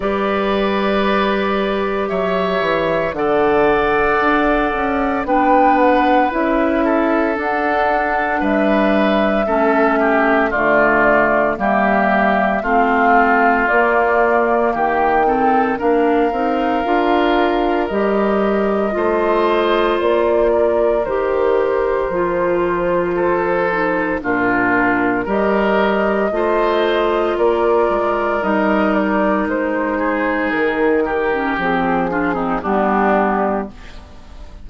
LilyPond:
<<
  \new Staff \with { instrumentName = "flute" } { \time 4/4 \tempo 4 = 57 d''2 e''4 fis''4~ | fis''4 g''8 fis''8 e''4 fis''4 | e''2 d''4 e''4 | f''4 d''4 g''4 f''4~ |
f''4 dis''2 d''4 | c''2. ais'4 | dis''2 d''4 dis''8 d''8 | c''4 ais'4 gis'4 g'4 | }
  \new Staff \with { instrumentName = "oboe" } { \time 4/4 b'2 cis''4 d''4~ | d''4 b'4. a'4. | b'4 a'8 g'8 f'4 g'4 | f'2 g'8 a'8 ais'4~ |
ais'2 c''4. ais'8~ | ais'2 a'4 f'4 | ais'4 c''4 ais'2~ | ais'8 gis'4 g'4 f'16 dis'16 d'4 | }
  \new Staff \with { instrumentName = "clarinet" } { \time 4/4 g'2. a'4~ | a'4 d'4 e'4 d'4~ | d'4 cis'4 a4 ais4 | c'4 ais4. c'8 d'8 dis'8 |
f'4 g'4 f'2 | g'4 f'4. dis'8 d'4 | g'4 f'2 dis'4~ | dis'4.~ dis'16 cis'16 c'8 d'16 c'16 b4 | }
  \new Staff \with { instrumentName = "bassoon" } { \time 4/4 g2 fis8 e8 d4 | d'8 cis'8 b4 cis'4 d'4 | g4 a4 d4 g4 | a4 ais4 dis4 ais8 c'8 |
d'4 g4 a4 ais4 | dis4 f2 ais,4 | g4 a4 ais8 gis8 g4 | gis4 dis4 f4 g4 | }
>>